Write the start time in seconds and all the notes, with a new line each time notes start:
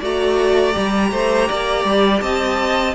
0.00 A3 F#4 D5 A#5
0.72 G3 G4
1.12 A3 C5
1.49 A#3 D5
1.84 G3
2.20 C4 D#5 A5